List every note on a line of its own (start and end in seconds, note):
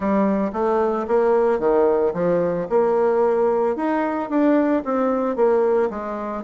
0.00 0.51 G3
0.52 1.06 A3
1.07 1.59 A#3
1.59 2.12 D#3
2.13 2.67 F3
2.69 3.76 A#3
3.76 4.29 D#4
4.29 4.83 D4
4.84 5.36 C4
5.36 5.89 A#3
5.90 6.43 G#3